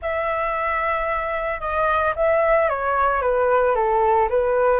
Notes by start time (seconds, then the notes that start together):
0.02 E5
1.60 D#5
2.15 E5
2.69 C#5
3.21 B4
3.75 A4
4.29 B4